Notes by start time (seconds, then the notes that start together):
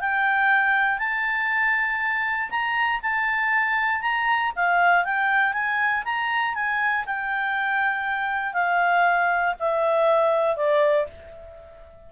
0.00 G5
0.99 A5
2.50 A#5
3.02 A5
4.02 A#5
4.56 F5
5.04 G5
5.53 G#5
6.05 A#5
6.55 G#5
7.06 G5
8.53 F5
9.59 E5
10.56 D5